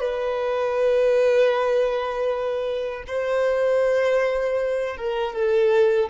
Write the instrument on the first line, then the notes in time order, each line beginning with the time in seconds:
violin
0.00 B4
3.07 C5
4.97 A#4
5.34 A4